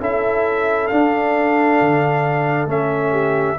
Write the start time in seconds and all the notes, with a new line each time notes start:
0.00 C#4 E4 A4 E5
0.87 D4 F5
1.81 D3
2.66 A3 C#4 E5
3.11 G4